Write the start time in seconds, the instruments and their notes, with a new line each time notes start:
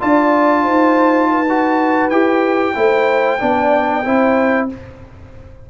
0.00 tuba D4, trombone F4, horn D5, trumpet A5
0.63 tuba D#4, horn C5
1.30 horn B4
1.49 trombone F#4
2.09 tuba E4, trombone G4, trumpet G5
2.74 tuba A3, trombone E4, horn C5
3.39 tuba B3, trombone D4, horn D5
4.04 tuba C4, trombone E4, horn C5